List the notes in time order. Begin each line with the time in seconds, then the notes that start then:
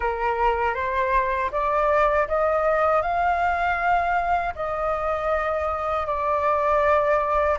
0.00 A#4
0.74 C5
1.51 D5
2.28 D#5
3.02 F5
4.55 D#5
6.06 D5